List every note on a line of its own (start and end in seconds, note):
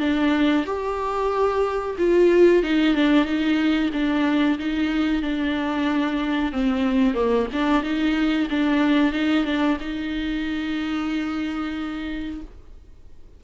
0.00 0.65 D4
0.66 1.97 G4
1.99 2.64 F4
2.64 2.95 D#4
2.95 3.25 D4
3.25 3.90 D#4
3.93 4.58 D4
4.59 5.23 D#4
5.23 6.52 D4
6.52 7.14 C4
7.14 7.47 A#3
7.53 7.83 D4
7.83 8.49 D#4
8.50 9.13 D4
9.13 9.45 D#4
9.45 9.78 D4
9.80 12.41 D#4